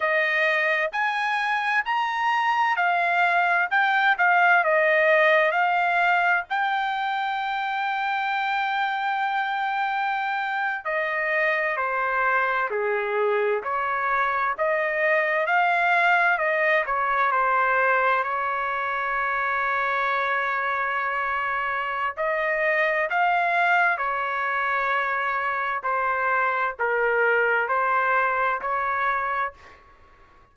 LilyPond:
\new Staff \with { instrumentName = "trumpet" } { \time 4/4 \tempo 4 = 65 dis''4 gis''4 ais''4 f''4 | g''8 f''8 dis''4 f''4 g''4~ | g''2.~ g''8. dis''16~ | dis''8. c''4 gis'4 cis''4 dis''16~ |
dis''8. f''4 dis''8 cis''8 c''4 cis''16~ | cis''1 | dis''4 f''4 cis''2 | c''4 ais'4 c''4 cis''4 | }